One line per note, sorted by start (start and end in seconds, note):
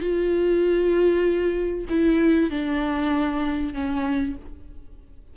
0.00 1.86 F4
1.89 2.50 E4
2.50 3.73 D4
3.73 4.35 C#4